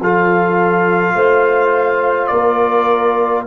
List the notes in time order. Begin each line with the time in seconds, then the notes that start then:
0.00 F3 F4 A4 F5
1.14 A3 C5
2.27 A#3 A#4 D5